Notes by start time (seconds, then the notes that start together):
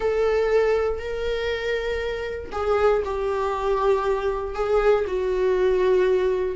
0.00 A4
0.99 A#4
2.52 G#4
3.04 G4
4.54 G#4
5.07 F#4